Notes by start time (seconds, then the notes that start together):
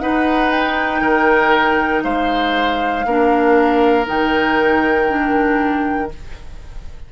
0.00 D#4 B4 F#5
0.50 G5
1.01 D#3 A#4
2.03 G#3 C5 F5
3.06 A#3 D4 A#4
4.06 D#3 D#4 G5
5.08 D4